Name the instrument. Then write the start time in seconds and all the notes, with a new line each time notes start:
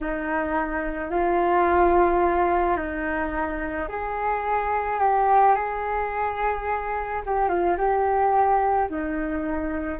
flute
0.01 D#4
1.10 F4
2.76 D#4
3.88 G#4
4.99 G4
5.55 G#4
7.26 G4
7.48 F4
7.77 G4
8.89 D#4